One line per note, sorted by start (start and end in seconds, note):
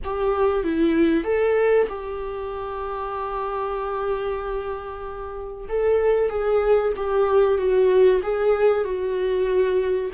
0.03 0.63 G4
0.63 1.24 E4
1.24 1.87 A4
1.89 5.68 G4
5.68 6.29 A4
6.29 6.92 G#4
6.96 7.58 G4
7.58 8.21 F#4
8.22 8.84 G#4
8.84 10.11 F#4